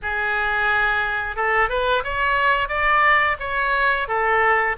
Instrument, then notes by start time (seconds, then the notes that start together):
oboe
0.02 G#4
1.36 A4
1.69 B4
2.04 C#5
2.68 D5
3.39 C#5
4.08 A4